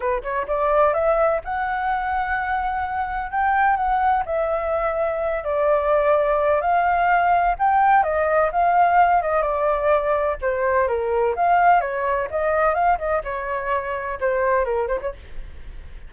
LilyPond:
\new Staff \with { instrumentName = "flute" } { \time 4/4 \tempo 4 = 127 b'8 cis''8 d''4 e''4 fis''4~ | fis''2. g''4 | fis''4 e''2~ e''8 d''8~ | d''2 f''2 |
g''4 dis''4 f''4. dis''8 | d''2 c''4 ais'4 | f''4 cis''4 dis''4 f''8 dis''8 | cis''2 c''4 ais'8 c''16 cis''16 | }